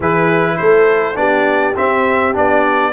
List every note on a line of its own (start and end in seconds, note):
0.00 0.58 E3
0.00 1.15 E4
0.00 0.57 G#4
0.00 0.57 B4
0.57 1.16 A3
0.57 1.18 A4
0.57 1.16 C5
1.15 1.75 B3
1.15 1.74 D4
1.15 2.93 G4
1.15 1.75 D5
1.75 2.33 C4
1.75 2.36 C4
1.75 2.35 E5
2.33 2.93 B3
2.33 2.92 D4
2.33 2.93 D5